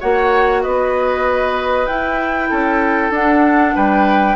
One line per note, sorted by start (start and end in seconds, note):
0.00 0.65 A#3
0.00 1.88 F#4
0.00 0.62 C#5
0.00 0.62 F#5
0.62 1.87 B3
0.62 2.50 B4
0.62 1.86 D#5
1.86 2.49 E4
1.86 3.13 E4
1.86 3.11 G5
2.50 3.10 C#4
2.50 3.75 A4
3.10 3.73 D4
3.10 4.36 D4
3.10 3.76 F#5
3.75 4.36 G3
3.75 4.36 B4
3.75 4.36 G5